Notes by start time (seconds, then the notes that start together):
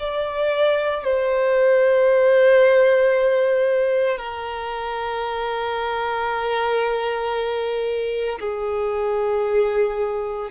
0.00 D5
1.04 C5
4.19 A#4
8.40 G#4